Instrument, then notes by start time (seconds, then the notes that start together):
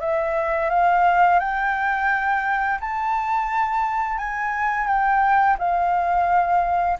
flute
0.00 E5
0.69 F5
1.39 G5
2.80 A5
4.18 G#5
4.87 G5
5.58 F5